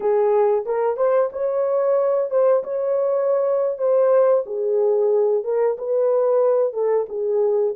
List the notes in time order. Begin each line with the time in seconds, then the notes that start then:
0.00 G#4
0.65 A#4
0.97 C5
1.32 C#5
2.30 C5
2.63 C#5
3.78 C5
4.46 G#4
5.43 A#4
5.78 B4
6.73 A4
7.08 G#4